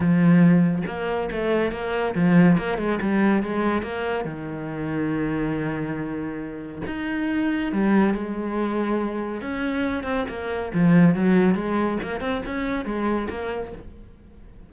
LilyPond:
\new Staff \with { instrumentName = "cello" } { \time 4/4 \tempo 4 = 140 f2 ais4 a4 | ais4 f4 ais8 gis8 g4 | gis4 ais4 dis2~ | dis1 |
dis'2 g4 gis4~ | gis2 cis'4. c'8 | ais4 f4 fis4 gis4 | ais8 c'8 cis'4 gis4 ais4 | }